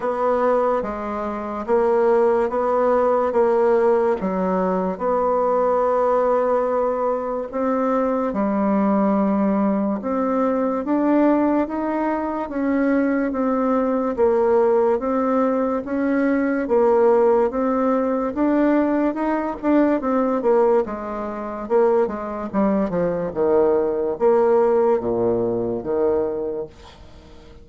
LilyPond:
\new Staff \with { instrumentName = "bassoon" } { \time 4/4 \tempo 4 = 72 b4 gis4 ais4 b4 | ais4 fis4 b2~ | b4 c'4 g2 | c'4 d'4 dis'4 cis'4 |
c'4 ais4 c'4 cis'4 | ais4 c'4 d'4 dis'8 d'8 | c'8 ais8 gis4 ais8 gis8 g8 f8 | dis4 ais4 ais,4 dis4 | }